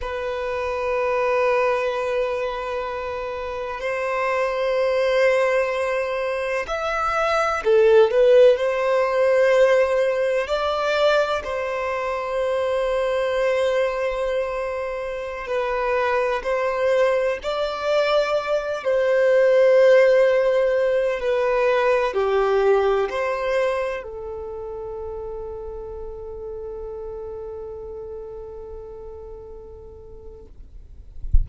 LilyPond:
\new Staff \with { instrumentName = "violin" } { \time 4/4 \tempo 4 = 63 b'1 | c''2. e''4 | a'8 b'8 c''2 d''4 | c''1~ |
c''16 b'4 c''4 d''4. c''16~ | c''2~ c''16 b'4 g'8.~ | g'16 c''4 a'2~ a'8.~ | a'1 | }